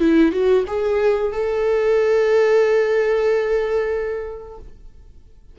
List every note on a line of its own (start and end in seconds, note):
0.00 0.32 E4
0.32 0.65 F#4
0.68 1.33 G#4
1.33 4.59 A4